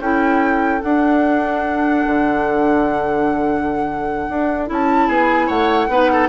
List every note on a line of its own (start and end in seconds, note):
0.00 0.81 C#4
0.00 0.83 E4
0.00 5.07 A4
0.00 0.82 G5
0.82 4.67 D4
0.82 2.06 D4
0.82 4.67 F#5
2.07 4.29 D3
4.29 4.70 D4
4.67 5.09 C#4
4.67 5.89 E4
4.67 5.09 A5
5.07 5.49 B3
5.07 5.47 G#4
5.07 5.49 G#5
5.47 5.89 A3
5.47 5.87 C#5
5.47 6.29 F#5
5.89 6.29 B3
5.89 6.29 D#4
5.89 6.12 B4
6.13 6.29 A4